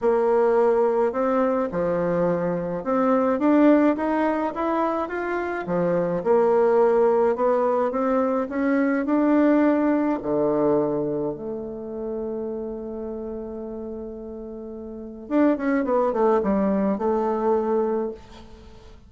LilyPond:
\new Staff \with { instrumentName = "bassoon" } { \time 4/4 \tempo 4 = 106 ais2 c'4 f4~ | f4 c'4 d'4 dis'4 | e'4 f'4 f4 ais4~ | ais4 b4 c'4 cis'4 |
d'2 d2 | a1~ | a2. d'8 cis'8 | b8 a8 g4 a2 | }